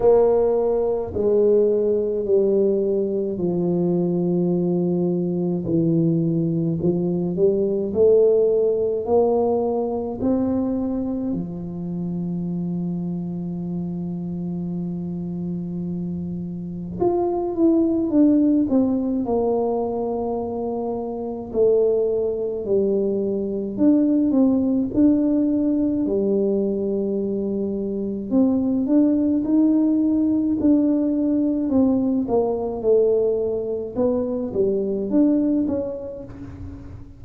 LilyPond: \new Staff \with { instrumentName = "tuba" } { \time 4/4 \tempo 4 = 53 ais4 gis4 g4 f4~ | f4 e4 f8 g8 a4 | ais4 c'4 f2~ | f2. f'8 e'8 |
d'8 c'8 ais2 a4 | g4 d'8 c'8 d'4 g4~ | g4 c'8 d'8 dis'4 d'4 | c'8 ais8 a4 b8 g8 d'8 cis'8 | }